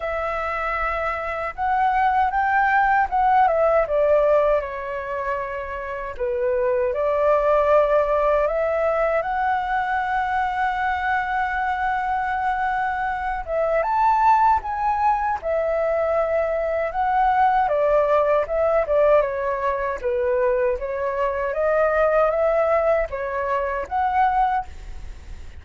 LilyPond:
\new Staff \with { instrumentName = "flute" } { \time 4/4 \tempo 4 = 78 e''2 fis''4 g''4 | fis''8 e''8 d''4 cis''2 | b'4 d''2 e''4 | fis''1~ |
fis''4. e''8 a''4 gis''4 | e''2 fis''4 d''4 | e''8 d''8 cis''4 b'4 cis''4 | dis''4 e''4 cis''4 fis''4 | }